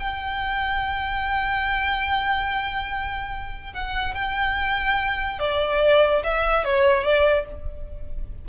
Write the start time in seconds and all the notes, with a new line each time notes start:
0.00 G5
3.73 F#5
4.15 G5
5.40 D5
6.24 E5
6.65 C#5
7.04 D5